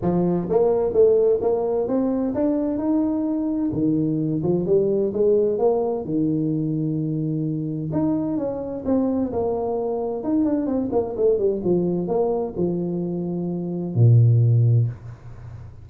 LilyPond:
\new Staff \with { instrumentName = "tuba" } { \time 4/4 \tempo 4 = 129 f4 ais4 a4 ais4 | c'4 d'4 dis'2 | dis4. f8 g4 gis4 | ais4 dis2.~ |
dis4 dis'4 cis'4 c'4 | ais2 dis'8 d'8 c'8 ais8 | a8 g8 f4 ais4 f4~ | f2 ais,2 | }